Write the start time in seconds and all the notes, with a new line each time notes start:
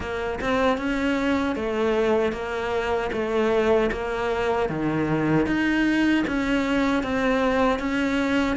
0.00 A#3
0.40 C4
0.77 C#4
1.55 A3
2.32 A#3
3.12 A3
3.91 A#3
4.69 D#3
5.46 D#4
6.27 C#4
7.03 C4
7.79 C#4